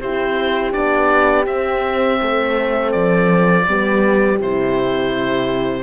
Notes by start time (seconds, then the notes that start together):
0.00 C4 E4 G4 C5
0.72 B3 D4 D5
1.45 C4 E5
2.20 A3 A4
2.92 F3 D5
3.67 G3 B3 G4
4.40 C3 E4 C5